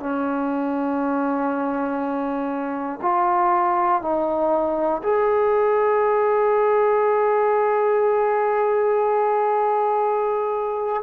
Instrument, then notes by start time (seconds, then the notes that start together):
trombone
0.00 C#4
3.02 F4
4.02 D#4
5.03 G#4